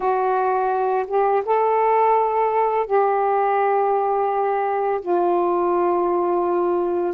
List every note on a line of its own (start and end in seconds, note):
0.00 1.06 F#4
1.07 1.43 G4
1.45 2.86 A4
2.86 5.00 G4
5.01 7.14 F4